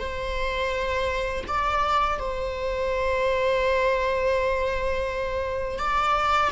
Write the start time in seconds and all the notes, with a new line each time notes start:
0.00 C5
1.48 D5
2.20 C5
5.79 D5